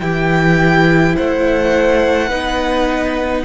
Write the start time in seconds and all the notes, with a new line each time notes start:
0.00 E3 E4 G4 G5
1.16 A3 C5 F#5
2.28 B3 D#4 B4